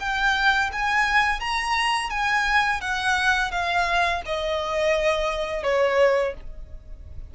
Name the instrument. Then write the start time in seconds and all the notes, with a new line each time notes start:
violin
0.00 G5
0.73 G#5
1.41 A#5
2.10 G#5
2.81 F#5
3.52 F5
4.26 D#5
5.64 C#5